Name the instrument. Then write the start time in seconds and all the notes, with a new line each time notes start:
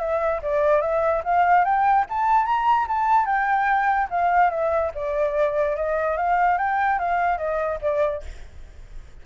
flute
0.00 E5
0.42 D5
0.82 E5
1.24 F5
1.65 G5
2.10 A5
2.46 A#5
2.88 A5
3.26 G5
4.10 F5
4.50 E5
4.95 D5
5.76 D#5
6.17 F5
6.58 G5
6.99 F5
7.38 D#5
7.82 D5